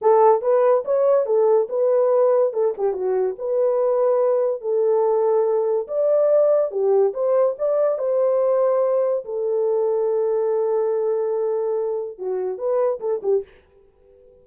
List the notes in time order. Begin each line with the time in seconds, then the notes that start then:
0.01 A4
0.41 B4
0.84 C#5
1.26 A4
1.69 B4
2.53 A4
2.77 G4
2.93 F#4
3.38 B4
4.61 A4
5.87 D5
6.71 G4
7.13 C5
7.58 D5
7.98 C5
9.25 A4
12.18 F#4
12.57 B4
13.00 A4
13.23 G4